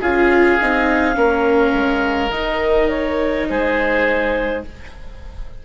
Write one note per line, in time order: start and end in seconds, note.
0.00 0.58 C#4
0.00 0.60 F4
0.00 1.15 G#4
0.00 2.31 F5
0.61 1.16 C4
0.61 1.14 D#4
1.14 1.73 A#3
1.14 2.29 C#4
1.14 3.48 A#4
1.73 2.30 G#3
2.30 3.45 D#3
2.30 4.63 D#4
2.30 2.88 D#5
2.89 3.46 C#5
3.49 4.65 G#3
3.49 4.65 G#4
3.49 4.64 C5